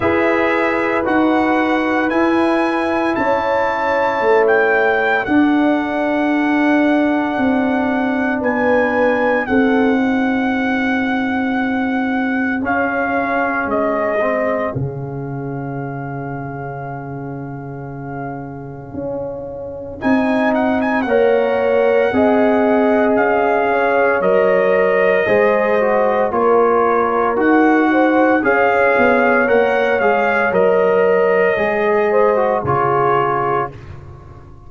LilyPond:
<<
  \new Staff \with { instrumentName = "trumpet" } { \time 4/4 \tempo 4 = 57 e''4 fis''4 gis''4 a''4~ | a''16 g''8. fis''2. | gis''4 fis''2. | f''4 dis''4 f''2~ |
f''2. gis''8 fis''16 gis''16 | fis''2 f''4 dis''4~ | dis''4 cis''4 fis''4 f''4 | fis''8 f''8 dis''2 cis''4 | }
  \new Staff \with { instrumentName = "horn" } { \time 4/4 b'2. cis''4~ | cis''4 a'2. | b'4 a'8 gis'2~ gis'8~ | gis'1~ |
gis'1 | cis''4 dis''4. cis''4. | c''4 ais'4. c''8 cis''4~ | cis''2~ cis''8 c''8 gis'4 | }
  \new Staff \with { instrumentName = "trombone" } { \time 4/4 gis'4 fis'4 e'2~ | e'4 d'2.~ | d'4 dis'2. | cis'4. c'8 cis'2~ |
cis'2. dis'4 | ais'4 gis'2 ais'4 | gis'8 fis'8 f'4 fis'4 gis'4 | ais'8 gis'8 ais'4 gis'8. fis'16 f'4 | }
  \new Staff \with { instrumentName = "tuba" } { \time 4/4 e'4 dis'4 e'4 cis'4 | a4 d'2 c'4 | b4 c'2. | cis'4 gis4 cis2~ |
cis2 cis'4 c'4 | ais4 c'4 cis'4 fis4 | gis4 ais4 dis'4 cis'8 b8 | ais8 gis8 fis4 gis4 cis4 | }
>>